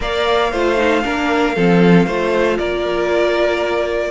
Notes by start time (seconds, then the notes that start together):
0.00 A#3 A#4 D5 F5
0.51 A3 F4 C5
0.76 D#4
1.02 A#3 D4 A#4
1.55 F3 C4 A4
2.06 A3 F4 C5
2.58 A#3 A#4 D5